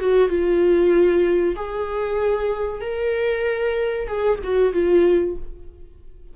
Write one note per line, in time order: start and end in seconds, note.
0.00 0.29 F#4
0.29 1.56 F4
1.56 2.82 G#4
2.82 4.08 A#4
4.08 4.39 G#4
4.44 4.73 F#4
4.73 5.37 F4